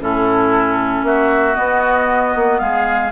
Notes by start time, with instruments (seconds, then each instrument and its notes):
0.00 bassoon A2, clarinet C#4, oboe E4, flute A4
1.03 bassoon A#3, oboe F#4, flute E5
1.54 clarinet B3, bassoon B3, flute D#5
2.35 bassoon A#3
2.59 bassoon G#3, oboe G#4, flute F5